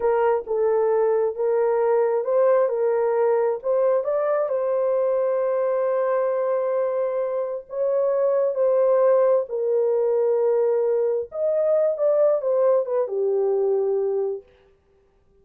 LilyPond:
\new Staff \with { instrumentName = "horn" } { \time 4/4 \tempo 4 = 133 ais'4 a'2 ais'4~ | ais'4 c''4 ais'2 | c''4 d''4 c''2~ | c''1~ |
c''4 cis''2 c''4~ | c''4 ais'2.~ | ais'4 dis''4. d''4 c''8~ | c''8 b'8 g'2. | }